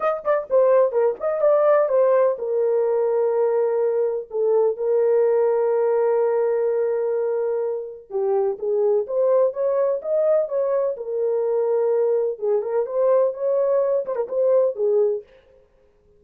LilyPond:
\new Staff \with { instrumentName = "horn" } { \time 4/4 \tempo 4 = 126 dis''8 d''8 c''4 ais'8 dis''8 d''4 | c''4 ais'2.~ | ais'4 a'4 ais'2~ | ais'1~ |
ais'4 g'4 gis'4 c''4 | cis''4 dis''4 cis''4 ais'4~ | ais'2 gis'8 ais'8 c''4 | cis''4. c''16 ais'16 c''4 gis'4 | }